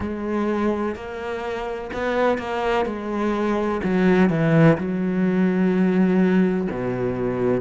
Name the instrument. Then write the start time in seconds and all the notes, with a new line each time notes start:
cello
0.00 G#3
0.95 A#3
1.93 B3
2.38 A#3
2.85 G#3
3.84 F#3
4.29 E3
4.77 F#3
6.70 B2